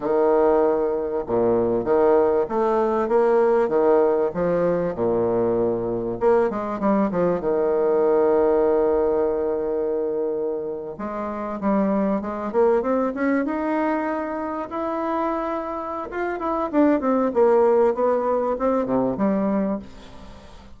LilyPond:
\new Staff \with { instrumentName = "bassoon" } { \time 4/4 \tempo 4 = 97 dis2 ais,4 dis4 | a4 ais4 dis4 f4 | ais,2 ais8 gis8 g8 f8 | dis1~ |
dis4.~ dis16 gis4 g4 gis16~ | gis16 ais8 c'8 cis'8 dis'2 e'16~ | e'2 f'8 e'8 d'8 c'8 | ais4 b4 c'8 c8 g4 | }